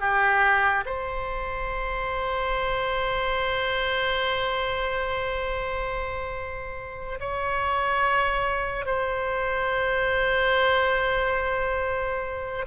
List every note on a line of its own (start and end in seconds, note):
0.00 0.85 G4
0.86 7.19 C5
7.20 8.86 C#5
8.86 12.66 C5